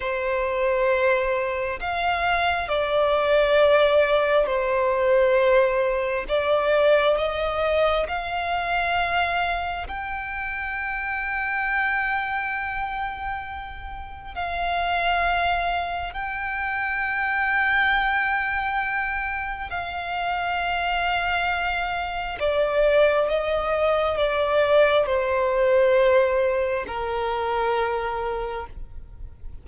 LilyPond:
\new Staff \with { instrumentName = "violin" } { \time 4/4 \tempo 4 = 67 c''2 f''4 d''4~ | d''4 c''2 d''4 | dis''4 f''2 g''4~ | g''1 |
f''2 g''2~ | g''2 f''2~ | f''4 d''4 dis''4 d''4 | c''2 ais'2 | }